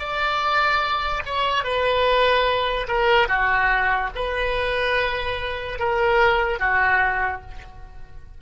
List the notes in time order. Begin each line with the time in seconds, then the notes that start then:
0.00 D5
1.26 C#5
1.64 B4
2.88 A#4
3.28 F#4
4.15 B4
5.79 A#4
6.60 F#4